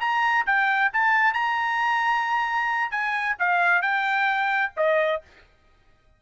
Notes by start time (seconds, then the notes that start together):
0.00 A#5
0.46 G5
0.93 A5
1.33 A#5
2.91 G#5
3.39 F5
3.82 G5
4.76 D#5